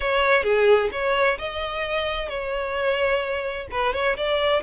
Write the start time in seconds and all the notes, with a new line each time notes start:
0.00 C#5
0.43 G#4
0.91 C#5
1.38 D#5
2.28 C#5
3.71 B4
3.93 C#5
4.16 D5